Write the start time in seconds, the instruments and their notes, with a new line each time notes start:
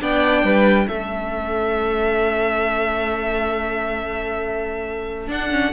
0.00 cello B3, viola D4, violin D5 G5
0.44 cello G3, violin B4
0.87 cello A3, viola C#4, violin A4 E5
5.28 viola D4, cello D4, violin F#5
5.51 viola C#4